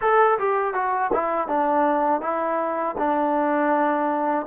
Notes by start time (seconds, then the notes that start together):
0.01 A4
0.38 G4
0.73 F#4
1.13 E4
1.48 D4
2.21 E4
2.98 D4